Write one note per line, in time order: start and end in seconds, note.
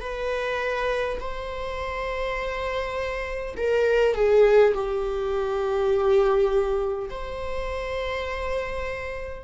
0.00 1.18 B4
1.20 3.55 C5
3.56 4.14 A#4
4.14 4.73 G#4
4.74 7.09 G4
7.10 9.44 C5